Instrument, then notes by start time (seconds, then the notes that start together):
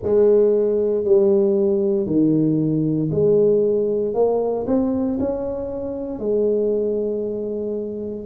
tuba
0.03 G#3
1.04 G3
2.06 D#3
3.11 G#3
4.14 A#3
4.66 C4
5.19 C#4
6.19 G#3